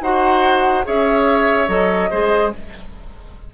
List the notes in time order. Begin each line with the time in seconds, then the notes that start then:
0.00 D#4 F#4 C5 F#5
0.84 C#4 G#4 C#5 E5
1.68 F#3 A4 D#5
2.10 G#3 G#4 C5